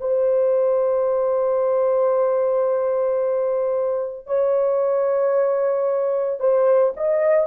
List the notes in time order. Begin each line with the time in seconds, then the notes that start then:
0.00 C5
4.26 C#5
6.39 C5
6.96 D#5